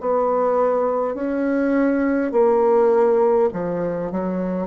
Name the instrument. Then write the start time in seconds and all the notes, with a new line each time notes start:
bassoon
0.00 B3
1.14 C#4
2.32 A#3
3.53 F3
4.11 F#3